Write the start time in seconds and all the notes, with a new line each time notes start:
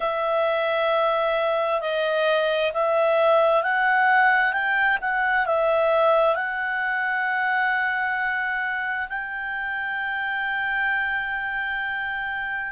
0.00 E5
1.81 D#5
2.73 E5
3.63 F#5
4.52 G5
5.01 F#5
5.45 E5
6.35 F#5
9.09 G5